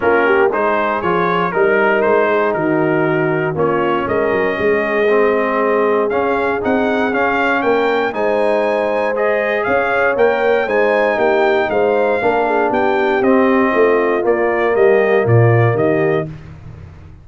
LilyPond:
<<
  \new Staff \with { instrumentName = "trumpet" } { \time 4/4 \tempo 4 = 118 ais'4 c''4 cis''4 ais'4 | c''4 ais'2 cis''4 | dis''1 | f''4 fis''4 f''4 g''4 |
gis''2 dis''4 f''4 | g''4 gis''4 g''4 f''4~ | f''4 g''4 dis''2 | d''4 dis''4 d''4 dis''4 | }
  \new Staff \with { instrumentName = "horn" } { \time 4/4 f'8 g'8 gis'2 ais'4~ | ais'8 gis'8 fis'2 f'4 | ais'4 gis'2.~ | gis'2. ais'4 |
c''2. cis''4~ | cis''4 c''4 g'4 c''4 | ais'8 gis'8 g'2 f'4~ | f'4 g'4 f'4 g'4 | }
  \new Staff \with { instrumentName = "trombone" } { \time 4/4 cis'4 dis'4 f'4 dis'4~ | dis'2. cis'4~ | cis'2 c'2 | cis'4 dis'4 cis'2 |
dis'2 gis'2 | ais'4 dis'2. | d'2 c'2 | ais1 | }
  \new Staff \with { instrumentName = "tuba" } { \time 4/4 ais4 gis4 f4 g4 | gis4 dis2 ais4 | gis8 fis8 gis2. | cis'4 c'4 cis'4 ais4 |
gis2. cis'4 | ais4 gis4 ais4 gis4 | ais4 b4 c'4 a4 | ais4 g4 ais,4 dis4 | }
>>